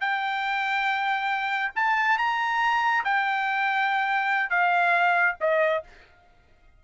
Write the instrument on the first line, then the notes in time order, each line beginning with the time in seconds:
trumpet
0.00 G5
1.75 A5
2.18 A#5
3.04 G5
4.50 F5
5.40 D#5